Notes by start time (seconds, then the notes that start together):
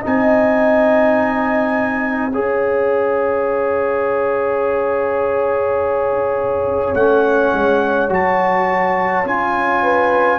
0.00 D#4 D#5
0.06 C4 G#5
2.33 C#4 G#4 C#5 F5
6.94 A3 C#4 F#5
7.53 G#3
8.09 F#3 F#4 A5
9.25 C#4 F4 G#5
9.82 B4